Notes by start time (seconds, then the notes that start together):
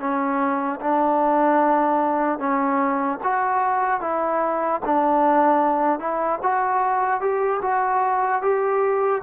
0.00 C#4
0.81 D4
2.40 C#4
3.24 F#4
4.01 E4
4.86 D4
6.00 E4
6.43 F#4
7.21 G4
7.62 F#4
8.42 G4